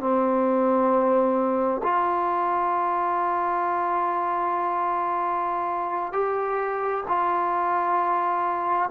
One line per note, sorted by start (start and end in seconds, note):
0.00 1.82 C4
1.83 6.13 F4
6.13 7.04 G4
7.08 8.90 F4